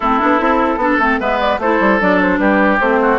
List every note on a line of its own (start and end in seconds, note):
0.00 0.21 A3
0.00 0.19 C4
0.00 0.79 E4
0.00 1.18 A4
0.19 0.39 B3
0.19 0.37 D4
0.37 0.76 C4
0.37 0.77 E4
0.76 0.96 B3
0.76 1.01 D4
0.76 1.20 A4
0.98 1.18 A3
0.98 1.20 C4
1.19 1.58 G#3
1.19 1.60 B3
1.19 1.60 B4
1.19 1.38 E5
1.38 1.58 D5
1.58 1.78 A3
1.58 2.00 E4
1.58 2.40 A4
1.58 2.00 C5
1.80 2.00 G3
2.00 2.39 F#3
2.00 2.80 D4
2.00 2.20 D5
2.21 2.38 C5
2.38 2.79 G3
2.38 3.00 G4
2.38 2.78 B4
2.80 3.18 A3
2.80 3.18 C4
2.80 3.18 C5
3.01 3.18 F#4